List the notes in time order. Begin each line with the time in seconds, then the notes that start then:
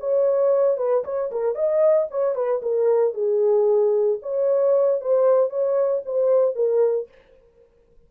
0.00 C#5
0.78 B4
1.05 C#5
1.32 A#4
1.55 D#5
2.11 C#5
2.35 B4
2.62 A#4
3.14 G#4
4.22 C#5
5.01 C5
5.50 C#5
6.06 C5
6.56 A#4